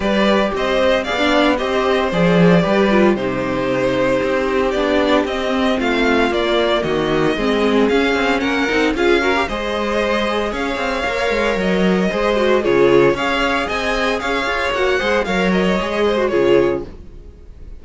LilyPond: <<
  \new Staff \with { instrumentName = "violin" } { \time 4/4 \tempo 4 = 114 d''4 dis''4 f''4 dis''4 | d''2 c''2~ | c''4 d''4 dis''4 f''4 | d''4 dis''2 f''4 |
fis''4 f''4 dis''2 | f''2 dis''2 | cis''4 f''4 gis''4 f''4 | fis''4 f''8 dis''4. cis''4 | }
  \new Staff \with { instrumentName = "violin" } { \time 4/4 b'4 c''4 d''4 c''4~ | c''4 b'4 g'2~ | g'2. f'4~ | f'4 fis'4 gis'2 |
ais'4 gis'8 ais'8 c''2 | cis''2. c''4 | gis'4 cis''4 dis''4 cis''4~ | cis''8 c''8 cis''4. c''8 gis'4 | }
  \new Staff \with { instrumentName = "viola" } { \time 4/4 g'2 gis'16 d'8. g'4 | gis'4 g'8 f'8 dis'2~ | dis'4 d'4 c'2 | ais2 c'4 cis'4~ |
cis'8 dis'8 f'8 fis'16 g'16 gis'2~ | gis'4 ais'2 gis'8 fis'8 | f'4 gis'2. | fis'8 gis'8 ais'4 gis'8. fis'16 f'4 | }
  \new Staff \with { instrumentName = "cello" } { \time 4/4 g4 c'4 b4 c'4 | f4 g4 c2 | c'4 b4 c'4 a4 | ais4 dis4 gis4 cis'8 c'8 |
ais8 c'8 cis'4 gis2 | cis'8 c'8 ais8 gis8 fis4 gis4 | cis4 cis'4 c'4 cis'8 f'8 | ais8 gis8 fis4 gis4 cis4 | }
>>